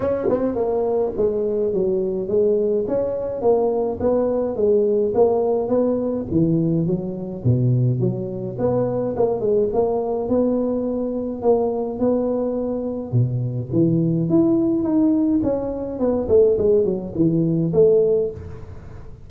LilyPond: \new Staff \with { instrumentName = "tuba" } { \time 4/4 \tempo 4 = 105 cis'8 c'8 ais4 gis4 fis4 | gis4 cis'4 ais4 b4 | gis4 ais4 b4 e4 | fis4 b,4 fis4 b4 |
ais8 gis8 ais4 b2 | ais4 b2 b,4 | e4 e'4 dis'4 cis'4 | b8 a8 gis8 fis8 e4 a4 | }